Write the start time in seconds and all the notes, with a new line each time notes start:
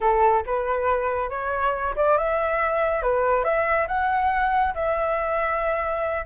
0.00 A4
0.46 B4
1.29 C#5
1.96 D5
2.17 E5
3.02 B4
3.44 E5
3.87 F#5
4.74 E5